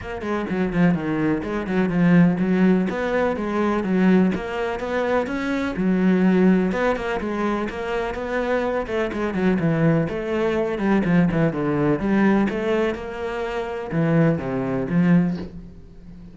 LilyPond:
\new Staff \with { instrumentName = "cello" } { \time 4/4 \tempo 4 = 125 ais8 gis8 fis8 f8 dis4 gis8 fis8 | f4 fis4 b4 gis4 | fis4 ais4 b4 cis'4 | fis2 b8 ais8 gis4 |
ais4 b4. a8 gis8 fis8 | e4 a4. g8 f8 e8 | d4 g4 a4 ais4~ | ais4 e4 c4 f4 | }